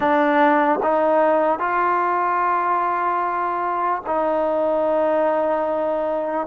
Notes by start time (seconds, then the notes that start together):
0.00 D4
0.82 D#4
1.59 F4
4.06 D#4